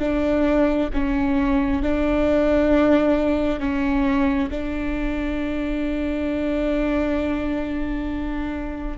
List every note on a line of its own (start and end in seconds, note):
0.00 0.90 D4
0.93 1.82 C#4
1.82 3.60 D4
3.60 4.49 C#4
4.50 8.98 D4